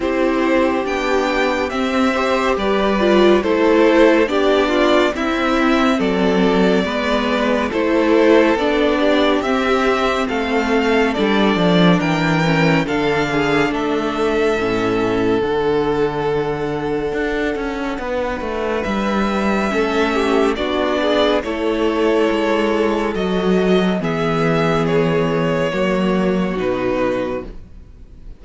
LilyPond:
<<
  \new Staff \with { instrumentName = "violin" } { \time 4/4 \tempo 4 = 70 c''4 g''4 e''4 d''4 | c''4 d''4 e''4 d''4~ | d''4 c''4 d''4 e''4 | f''4 d''4 g''4 f''4 |
e''2 fis''2~ | fis''2 e''2 | d''4 cis''2 dis''4 | e''4 cis''2 b'4 | }
  \new Staff \with { instrumentName = "violin" } { \time 4/4 g'2~ g'8 c''8 b'4 | a'4 g'8 f'8 e'4 a'4 | b'4 a'4. g'4. | a'2 ais'4 a'8 gis'8 |
a'1~ | a'4 b'2 a'8 g'8 | fis'8 gis'8 a'2. | gis'2 fis'2 | }
  \new Staff \with { instrumentName = "viola" } { \time 4/4 e'4 d'4 c'8 g'4 f'8 | e'4 d'4 c'2 | b4 e'4 d'4 c'4~ | c'4 d'4. cis'8 d'4~ |
d'4 cis'4 d'2~ | d'2. cis'4 | d'4 e'2 fis'4 | b2 ais4 dis'4 | }
  \new Staff \with { instrumentName = "cello" } { \time 4/4 c'4 b4 c'4 g4 | a4 b4 c'4 fis4 | gis4 a4 b4 c'4 | a4 g8 f8 e4 d4 |
a4 a,4 d2 | d'8 cis'8 b8 a8 g4 a4 | b4 a4 gis4 fis4 | e2 fis4 b,4 | }
>>